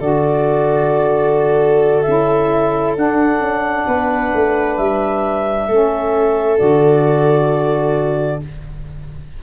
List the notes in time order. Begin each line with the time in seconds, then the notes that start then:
0.00 D3 F#4 A4 D5
2.01 E4 E5
2.08 C#4
2.96 D4 F#5
3.39 C#4
3.87 B3 B4
4.34 A3
4.77 G3 E5
5.68 A3 C#4 A4
6.58 D3 F#4 D5